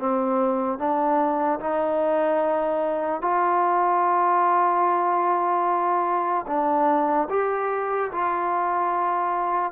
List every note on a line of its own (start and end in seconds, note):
0.00 0.79 C4
0.79 1.60 D4
1.60 3.22 D#4
3.22 6.46 F4
6.48 7.29 D4
7.30 8.11 G4
8.12 9.72 F4